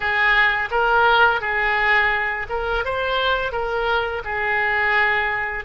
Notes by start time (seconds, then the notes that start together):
0.00 G#4
0.70 A#4
1.41 G#4
2.49 A#4
2.84 C5
3.51 A#4
4.24 G#4